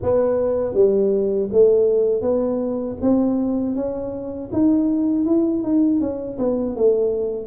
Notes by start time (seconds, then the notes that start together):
0.02 B3
0.74 G3
1.52 A3
2.21 B3
3.01 C4
3.75 C#4
4.52 D#4
5.25 E4
5.62 D#4
6.00 C#4
6.38 B3
6.76 A3